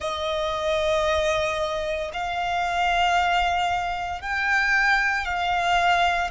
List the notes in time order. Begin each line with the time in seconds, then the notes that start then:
0.00 D#5
2.13 F5
4.21 G5
5.25 F5